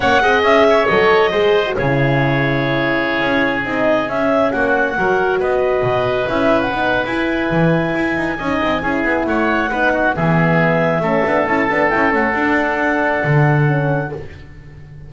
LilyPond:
<<
  \new Staff \with { instrumentName = "clarinet" } { \time 4/4 \tempo 4 = 136 fis''4 e''4 dis''2 | cis''1~ | cis''16 dis''4 e''4 fis''4.~ fis''16~ | fis''16 dis''2 e''8. fis''4 |
gis''1~ | gis''4 fis''2 e''4~ | e''2 a''4 g''8 fis''8~ | fis''1 | }
  \new Staff \with { instrumentName = "oboe" } { \time 4/4 cis''8 dis''4 cis''4. c''4 | gis'1~ | gis'2~ gis'16 fis'4 ais'8.~ | ais'16 b'2.~ b'8.~ |
b'2. dis''4 | gis'4 cis''4 b'8 fis'8 gis'4~ | gis'4 a'2.~ | a'1 | }
  \new Staff \with { instrumentName = "horn" } { \time 4/4 cis'8 gis'4. a'4 gis'8. fis'16 | e'1~ | e'16 dis'4 cis'2 fis'8.~ | fis'2~ fis'16 e'4 dis'8. |
e'2. dis'4 | e'2 dis'4 b4~ | b4 cis'8 d'8 e'8 d'8 e'8 cis'8 | d'2. cis'4 | }
  \new Staff \with { instrumentName = "double bass" } { \time 4/4 ais8 c'8 cis'4 fis4 gis4 | cis2.~ cis16 cis'8.~ | cis'16 c'4 cis'4 ais4 fis8.~ | fis16 b4 b,4 cis'4 b8. |
e'4 e4 e'8 dis'8 cis'8 c'8 | cis'8 b8 a4 b4 e4~ | e4 a8 b8 cis'8 b8 cis'8 a8 | d'2 d2 | }
>>